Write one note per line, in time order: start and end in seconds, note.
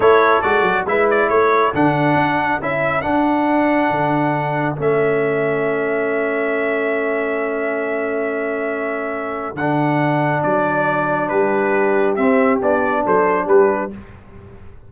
0.00 0.42 A3
0.00 0.43 E4
0.00 0.84 A4
0.00 0.41 C#5
0.41 0.62 G#3
0.41 0.86 F#4
0.41 0.85 D5
0.62 0.84 F#3
0.86 1.29 G#3
0.86 1.73 E4
0.86 1.28 B4
0.86 1.09 E5
1.10 1.29 D5
1.28 1.72 A3
1.28 11.28 A4
1.28 1.72 C#5
1.73 2.15 D3
1.73 2.61 D4
1.73 2.62 F#5
2.15 2.58 D4
2.61 3.04 C#4
2.61 3.02 E4
2.61 3.01 E5
3.01 4.75 D4
3.01 3.90 D4
3.01 4.75 F#5
3.90 4.77 D3
4.76 9.54 A3
4.76 9.54 C#4
4.76 9.56 E5
9.54 10.41 D3
9.54 12.17 D4
9.54 10.42 F#5
10.42 11.31 F#3
10.42 11.28 D5
11.28 12.17 G3
11.28 13.04 G4
11.28 12.15 B4
12.15 12.60 C4
12.15 12.61 C4
12.15 12.59 E5
12.60 13.05 B3
12.60 13.90 D4
12.60 13.05 D5
13.05 13.48 F#3
13.05 13.45 A4
13.05 13.47 C5
13.45 13.92 G3
13.45 13.89 G4
13.45 13.91 B4